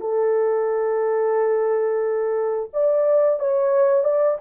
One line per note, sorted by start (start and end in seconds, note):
0.00 2.70 A4
2.73 3.40 D5
3.40 4.04 C#5
4.04 4.38 D5